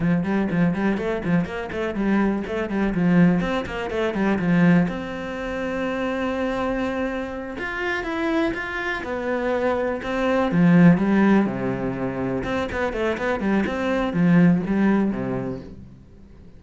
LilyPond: \new Staff \with { instrumentName = "cello" } { \time 4/4 \tempo 4 = 123 f8 g8 f8 g8 a8 f8 ais8 a8 | g4 a8 g8 f4 c'8 ais8 | a8 g8 f4 c'2~ | c'2.~ c'8 f'8~ |
f'8 e'4 f'4 b4.~ | b8 c'4 f4 g4 c8~ | c4. c'8 b8 a8 b8 g8 | c'4 f4 g4 c4 | }